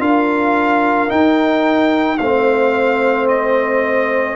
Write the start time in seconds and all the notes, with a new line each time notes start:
0.00 D4 F4 A#4 F5
1.08 D#4 G5
2.18 A3 C4 C5 F5
3.29 D#5